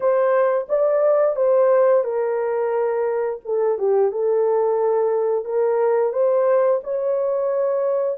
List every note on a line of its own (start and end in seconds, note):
0.00 0.67 C5
0.68 1.36 D5
1.36 2.03 C5
2.03 3.40 A#4
3.44 3.78 A4
3.78 4.11 G4
4.11 5.44 A4
5.44 6.12 A#4
6.12 6.80 C5
6.83 8.18 C#5